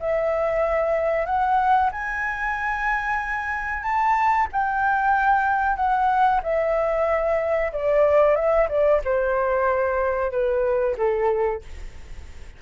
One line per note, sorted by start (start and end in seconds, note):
0.00 1.26 E5
1.26 1.90 F#5
1.92 3.83 G#5
3.83 4.48 A5
4.52 5.76 G5
5.76 6.41 F#5
6.43 7.72 E5
7.73 8.36 D5
8.36 8.68 E5
8.69 9.01 D5
9.05 10.31 C5
10.31 10.96 B4
10.97 11.62 A4